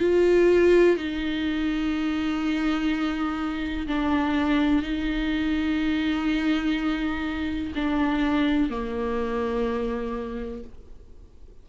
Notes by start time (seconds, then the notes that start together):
0.00 F4
0.96 D#4
3.87 D4
4.82 D#4
7.75 D4
8.70 A#3